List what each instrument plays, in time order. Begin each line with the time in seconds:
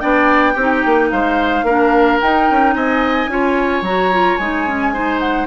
0.00 bassoon B3, clarinet D4, oboe D5, flute G5
0.54 bassoon C4, oboe G4
0.60 clarinet D#4
0.86 bassoon A#3
1.11 bassoon G#3, oboe C5, flute F5
1.63 bassoon A#3, clarinet D4, oboe A#4
2.21 clarinet D#4, bassoon D#4, flute G5
2.51 bassoon C#4
2.74 bassoon C4, oboe D#5, flute G#5
3.28 bassoon C#4, clarinet F4, oboe C#5
3.82 bassoon F#3, clarinet F#4, flute A#5
4.12 clarinet F4
4.37 bassoon G#3, clarinet D#4, flute G#5
4.67 clarinet C#4
4.93 clarinet D#4, oboe C5
5.19 flute F#5